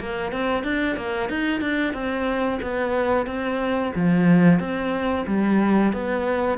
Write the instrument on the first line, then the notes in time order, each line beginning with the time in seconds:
cello
0.00 A#3
0.32 C4
0.63 D4
0.97 A#3
1.29 D#4
1.61 D4
1.93 C4
2.62 B3
3.26 C4
3.95 F3
4.59 C4
5.27 G3
5.93 B3